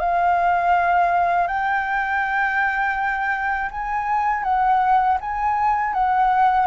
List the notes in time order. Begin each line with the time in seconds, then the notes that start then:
0.00 F5
1.48 G5
3.71 G#5
4.44 F#5
5.21 G#5
5.93 F#5